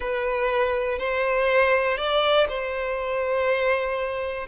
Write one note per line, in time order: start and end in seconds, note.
0.00 0.98 B4
0.98 1.97 C5
1.97 2.47 D5
2.48 4.47 C5